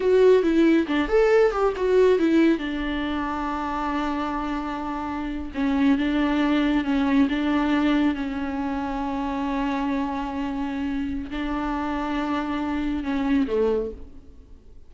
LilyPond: \new Staff \with { instrumentName = "viola" } { \time 4/4 \tempo 4 = 138 fis'4 e'4 d'8 a'4 g'8 | fis'4 e'4 d'2~ | d'1~ | d'8. cis'4 d'2 cis'16~ |
cis'8. d'2 cis'4~ cis'16~ | cis'1~ | cis'2 d'2~ | d'2 cis'4 a4 | }